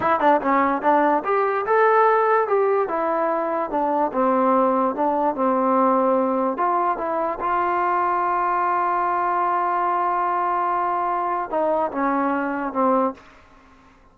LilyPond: \new Staff \with { instrumentName = "trombone" } { \time 4/4 \tempo 4 = 146 e'8 d'8 cis'4 d'4 g'4 | a'2 g'4 e'4~ | e'4 d'4 c'2 | d'4 c'2. |
f'4 e'4 f'2~ | f'1~ | f'1 | dis'4 cis'2 c'4 | }